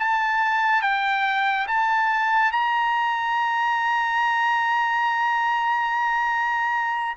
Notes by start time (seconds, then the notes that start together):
0.00 A5
0.83 G5
1.68 A5
2.52 A#5